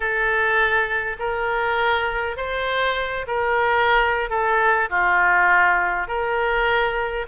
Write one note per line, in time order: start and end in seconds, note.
0.00 1.16 A4
1.19 2.37 A#4
2.37 3.26 C5
3.27 4.29 A#4
4.29 4.89 A4
4.89 6.07 F4
6.07 7.26 A#4